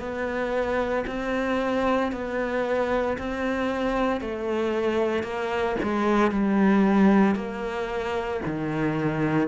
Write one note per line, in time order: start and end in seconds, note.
0.00 1.05 B3
1.07 2.12 C4
2.12 3.17 B3
3.18 4.21 C4
4.21 5.23 A3
5.23 5.76 A#3
5.83 6.32 G#3
6.32 7.35 G3
7.35 8.41 A#3
8.45 9.48 D#3